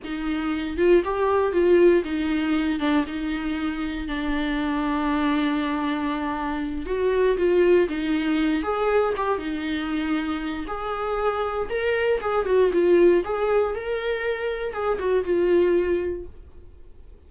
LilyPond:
\new Staff \with { instrumentName = "viola" } { \time 4/4 \tempo 4 = 118 dis'4. f'8 g'4 f'4 | dis'4. d'8 dis'2 | d'1~ | d'4. fis'4 f'4 dis'8~ |
dis'4 gis'4 g'8 dis'4.~ | dis'4 gis'2 ais'4 | gis'8 fis'8 f'4 gis'4 ais'4~ | ais'4 gis'8 fis'8 f'2 | }